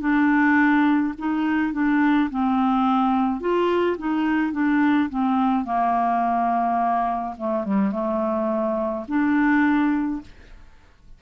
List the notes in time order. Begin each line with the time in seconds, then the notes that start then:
0.00 D4
1.18 D#4
1.73 D4
2.31 C4
3.40 F4
3.98 D#4
4.52 D4
5.09 C4
5.65 A#3
7.38 A3
7.64 G3
7.91 A3
9.08 D4